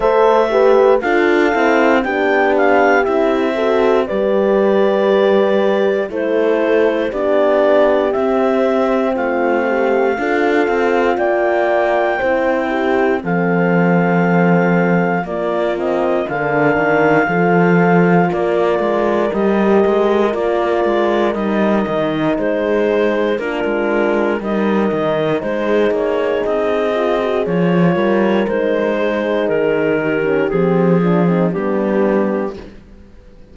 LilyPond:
<<
  \new Staff \with { instrumentName = "clarinet" } { \time 4/4 \tempo 4 = 59 e''4 f''4 g''8 f''8 e''4 | d''2 c''4 d''4 | e''4 f''2 g''4~ | g''4 f''2 d''8 dis''8 |
f''2 d''4 dis''4 | d''4 dis''4 c''4 ais'4 | dis''4 c''8 cis''8 dis''4 cis''4 | c''4 ais'4 gis'4 g'4 | }
  \new Staff \with { instrumentName = "horn" } { \time 4/4 c''8 b'8 a'4 g'4. a'8 | b'2 a'4 g'4~ | g'4 f'8 g'8 a'4 d''4 | c''8 g'8 a'2 f'4 |
ais'4 a'4 ais'2~ | ais'2 gis'4 f'4 | ais'4 gis'2~ gis'8 ais'8~ | ais'8 gis'4 g'4 f'16 dis'16 d'4 | }
  \new Staff \with { instrumentName = "horn" } { \time 4/4 a'8 g'8 f'8 e'8 d'4 e'8 fis'8 | g'2 e'4 d'4 | c'2 f'2 | e'4 c'2 ais8 c'8 |
d'4 f'2 g'4 | f'4 dis'2 d'4 | dis'2~ dis'8 f'16 fis'16 f'4 | dis'4.~ dis'16 cis'16 c'8 d'16 c'16 b4 | }
  \new Staff \with { instrumentName = "cello" } { \time 4/4 a4 d'8 c'8 b4 c'4 | g2 a4 b4 | c'4 a4 d'8 c'8 ais4 | c'4 f2 ais4 |
d8 dis8 f4 ais8 gis8 g8 gis8 | ais8 gis8 g8 dis8 gis4 ais16 gis8. | g8 dis8 gis8 ais8 c'4 f8 g8 | gis4 dis4 f4 g4 | }
>>